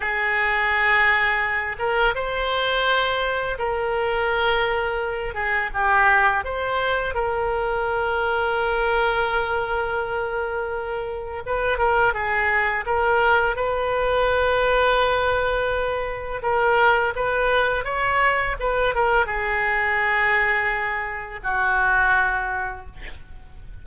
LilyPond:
\new Staff \with { instrumentName = "oboe" } { \time 4/4 \tempo 4 = 84 gis'2~ gis'8 ais'8 c''4~ | c''4 ais'2~ ais'8 gis'8 | g'4 c''4 ais'2~ | ais'1 |
b'8 ais'8 gis'4 ais'4 b'4~ | b'2. ais'4 | b'4 cis''4 b'8 ais'8 gis'4~ | gis'2 fis'2 | }